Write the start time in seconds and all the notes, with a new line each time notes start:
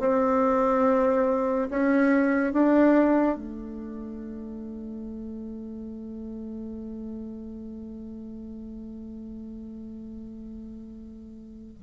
0.00 C4
1.70 C#4
2.53 D4
3.37 A3